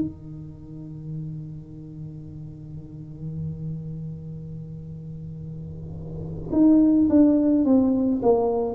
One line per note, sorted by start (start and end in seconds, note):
0.00 6.51 D#3
6.52 7.09 D#4
7.10 7.65 D4
7.65 8.22 C4
8.23 8.75 A#3